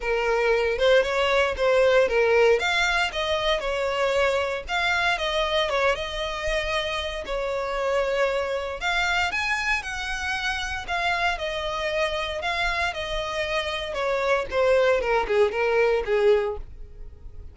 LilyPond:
\new Staff \with { instrumentName = "violin" } { \time 4/4 \tempo 4 = 116 ais'4. c''8 cis''4 c''4 | ais'4 f''4 dis''4 cis''4~ | cis''4 f''4 dis''4 cis''8 dis''8~ | dis''2 cis''2~ |
cis''4 f''4 gis''4 fis''4~ | fis''4 f''4 dis''2 | f''4 dis''2 cis''4 | c''4 ais'8 gis'8 ais'4 gis'4 | }